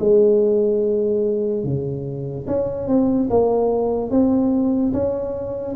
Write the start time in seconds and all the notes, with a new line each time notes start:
0.00 G#3
1.64 C#3
2.48 C#4
2.88 C4
3.30 A#3
4.11 C4
4.94 C#4